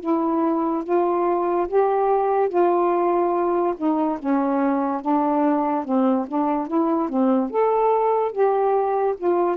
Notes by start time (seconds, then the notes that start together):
0.00 E4
0.84 F4
1.67 G4
2.49 F4
3.77 D#4
4.19 C#4
5.01 D4
5.84 C4
6.27 D4
6.67 E4
7.09 C4
7.50 A4
8.31 G4
9.17 F4